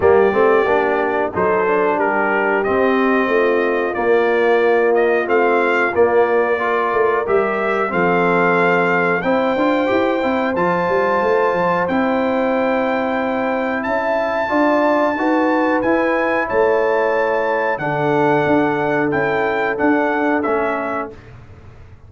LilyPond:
<<
  \new Staff \with { instrumentName = "trumpet" } { \time 4/4 \tempo 4 = 91 d''2 c''4 ais'4 | dis''2 d''4. dis''8 | f''4 d''2 e''4 | f''2 g''2 |
a''2 g''2~ | g''4 a''2. | gis''4 a''2 fis''4~ | fis''4 g''4 fis''4 e''4 | }
  \new Staff \with { instrumentName = "horn" } { \time 4/4 g'2 a'4 g'4~ | g'4 f'2.~ | f'2 ais'2 | a'2 c''2~ |
c''1~ | c''4 e''4 d''4 b'4~ | b'4 cis''2 a'4~ | a'1 | }
  \new Staff \with { instrumentName = "trombone" } { \time 4/4 ais8 c'8 d'4 dis'8 d'4. | c'2 ais2 | c'4 ais4 f'4 g'4 | c'2 e'8 f'8 g'8 e'8 |
f'2 e'2~ | e'2 f'4 fis'4 | e'2. d'4~ | d'4 e'4 d'4 cis'4 | }
  \new Staff \with { instrumentName = "tuba" } { \time 4/4 g8 a8 ais4 fis4 g4 | c'4 a4 ais2 | a4 ais4. a8 g4 | f2 c'8 d'8 e'8 c'8 |
f8 g8 a8 f8 c'2~ | c'4 cis'4 d'4 dis'4 | e'4 a2 d4 | d'4 cis'4 d'4 a4 | }
>>